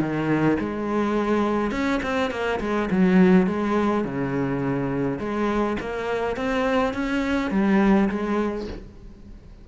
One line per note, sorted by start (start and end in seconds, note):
0.00 0.58 D#3
0.60 1.72 G#3
1.72 2.00 C#4
2.03 2.31 C4
2.31 2.60 A#3
2.60 2.89 G#3
2.91 3.47 F#3
3.47 4.05 G#3
4.05 5.19 C#3
5.19 5.77 G#3
5.80 6.36 A#3
6.36 6.94 C4
6.94 7.51 C#4
7.51 8.09 G3
8.10 8.67 G#3